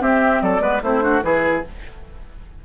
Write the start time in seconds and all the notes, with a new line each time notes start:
0.00 C4 G4 E5
0.42 F#3 A4 D5
0.60 G#3 B3 B4
0.83 A3 C4 E4 C5
1.02 D4 F#4
1.22 E3 E4 G#4 B4